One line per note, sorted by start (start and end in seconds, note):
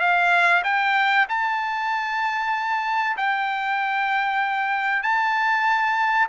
0.00 0.62 F5
0.64 1.26 G5
1.29 3.16 A5
3.17 5.03 G5
5.03 6.28 A5